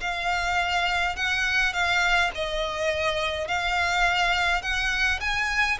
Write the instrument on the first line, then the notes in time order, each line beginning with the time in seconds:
violin
0.00 F5
1.16 F#5
1.73 F5
2.34 D#5
3.47 F5
4.62 F#5
5.20 G#5